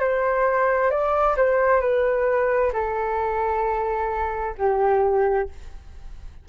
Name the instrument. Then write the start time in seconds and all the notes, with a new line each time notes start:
flute
0.00 C5
0.90 D5
1.37 C5
1.81 B4
2.74 A4
4.58 G4